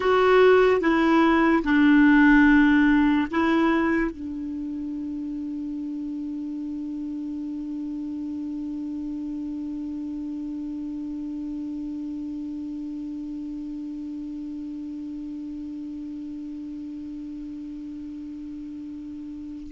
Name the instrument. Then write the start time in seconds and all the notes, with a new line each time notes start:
clarinet
0.00 F#4
0.80 E4
1.63 D4
3.31 E4
4.11 D4